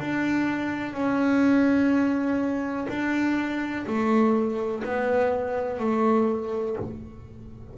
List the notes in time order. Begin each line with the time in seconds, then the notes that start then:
0.00 D4
0.94 C#4
2.89 D4
3.87 A3
4.84 B3
5.80 A3